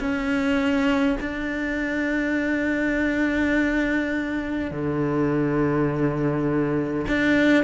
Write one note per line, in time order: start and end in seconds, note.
0.00 1.18 C#4
1.20 4.71 D4
4.71 7.06 D3
7.08 7.64 D4